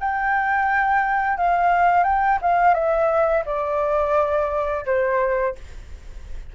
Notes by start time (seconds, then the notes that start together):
0.00 G5
1.37 F5
2.04 G5
2.42 F5
2.74 E5
3.46 D5
4.86 C5